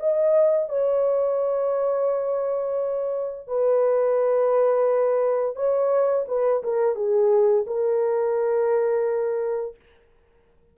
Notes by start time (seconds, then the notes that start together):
0.00 D#5
0.69 C#5
3.48 B4
5.56 C#5
6.28 B4
6.64 A#4
6.95 G#4
7.67 A#4